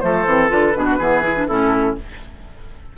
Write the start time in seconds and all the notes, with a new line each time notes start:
0.00 F3 A3 A4 C5
0.26 E3 C4
0.49 D3 F4 B4
0.75 B2 D4 G#4
0.85 F#4
0.99 E3 B3 G#4
1.23 E4
1.36 D4
1.48 A2 C#4 E4 A4